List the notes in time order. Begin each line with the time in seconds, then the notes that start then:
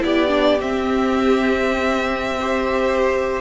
0.00 B3 E4 G4 D5
0.28 D4
0.60 C4 E5
2.39 G4 C5